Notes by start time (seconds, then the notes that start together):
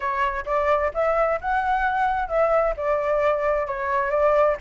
0.00 C#5
0.45 D5
0.94 E5
1.41 F#5
2.28 E5
2.76 D5
3.66 C#5
4.10 D5